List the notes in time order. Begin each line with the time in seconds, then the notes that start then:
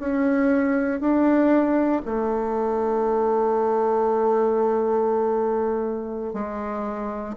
0.00 C#4
1.01 D4
2.06 A3
6.34 G#3